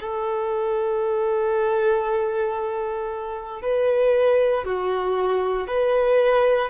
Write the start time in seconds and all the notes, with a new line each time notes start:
0.00 A4
3.62 B4
4.65 F#4
5.68 B4